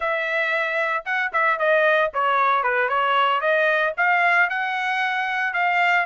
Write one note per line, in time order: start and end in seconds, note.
0.00 1.04 E5
1.05 1.31 F#5
1.33 1.58 E5
1.58 2.11 D#5
2.13 2.63 C#5
2.63 2.88 B4
2.88 3.40 C#5
3.40 3.93 D#5
3.97 4.49 F5
4.49 5.53 F#5
5.53 6.06 F5